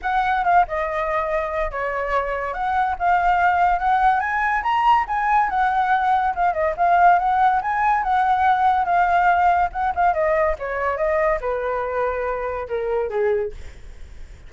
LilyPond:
\new Staff \with { instrumentName = "flute" } { \time 4/4 \tempo 4 = 142 fis''4 f''8 dis''2~ dis''8 | cis''2 fis''4 f''4~ | f''4 fis''4 gis''4 ais''4 | gis''4 fis''2 f''8 dis''8 |
f''4 fis''4 gis''4 fis''4~ | fis''4 f''2 fis''8 f''8 | dis''4 cis''4 dis''4 b'4~ | b'2 ais'4 gis'4 | }